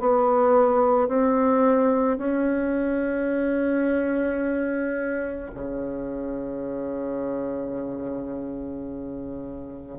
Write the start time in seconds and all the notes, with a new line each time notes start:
0.00 B3
1.09 C4
2.19 C#4
5.55 C#3